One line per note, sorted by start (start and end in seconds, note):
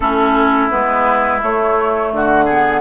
0.00 0.70 A3
0.00 0.70 C#4
0.00 2.12 E4
0.00 0.69 A4
0.70 1.42 G#3
0.70 1.41 B3
0.70 1.41 B4
1.42 2.48 A3
1.42 2.11 A3
1.42 2.13 C#5
2.11 2.81 D3
2.11 2.45 F#4
2.11 2.81 F#5
2.45 2.80 G#4
2.51 2.81 B3